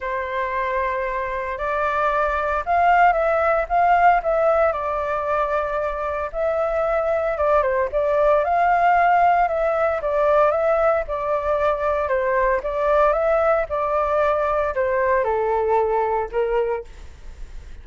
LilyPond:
\new Staff \with { instrumentName = "flute" } { \time 4/4 \tempo 4 = 114 c''2. d''4~ | d''4 f''4 e''4 f''4 | e''4 d''2. | e''2 d''8 c''8 d''4 |
f''2 e''4 d''4 | e''4 d''2 c''4 | d''4 e''4 d''2 | c''4 a'2 ais'4 | }